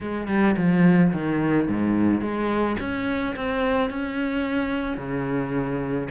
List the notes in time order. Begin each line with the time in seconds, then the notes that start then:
0.00 G#3
0.27 G3
0.57 F3
1.12 D#3
1.68 G#2
2.21 G#3
2.79 C#4
3.36 C4
3.90 C#4
4.97 C#3